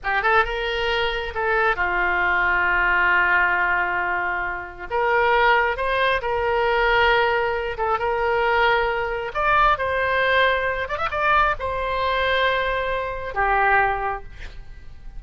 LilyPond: \new Staff \with { instrumentName = "oboe" } { \time 4/4 \tempo 4 = 135 g'8 a'8 ais'2 a'4 | f'1~ | f'2. ais'4~ | ais'4 c''4 ais'2~ |
ais'4. a'8 ais'2~ | ais'4 d''4 c''2~ | c''8 d''16 e''16 d''4 c''2~ | c''2 g'2 | }